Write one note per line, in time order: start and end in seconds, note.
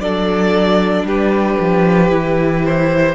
0.00 1.04 F#3
0.00 2.10 D4
0.00 1.05 A4
0.00 1.05 D5
1.04 1.56 G3
1.04 3.15 G4
1.04 2.65 B4
1.60 2.12 F3
2.10 3.15 E3
2.10 3.15 E4
2.65 3.15 C5